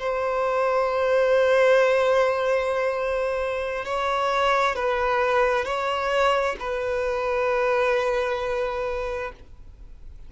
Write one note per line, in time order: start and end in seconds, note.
0.00 3.86 C5
3.86 4.76 C#5
4.76 5.65 B4
5.65 6.56 C#5
6.60 9.33 B4